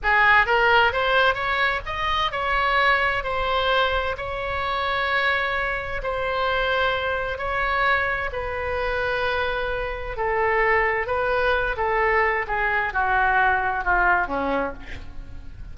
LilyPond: \new Staff \with { instrumentName = "oboe" } { \time 4/4 \tempo 4 = 130 gis'4 ais'4 c''4 cis''4 | dis''4 cis''2 c''4~ | c''4 cis''2.~ | cis''4 c''2. |
cis''2 b'2~ | b'2 a'2 | b'4. a'4. gis'4 | fis'2 f'4 cis'4 | }